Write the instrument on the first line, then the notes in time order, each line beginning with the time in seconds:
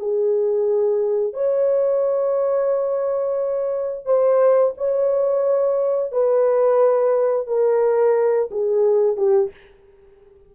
horn
0.00 G#4
1.34 C#5
4.06 C5
4.78 C#5
6.12 B4
7.48 A#4
8.51 G#4
9.17 G4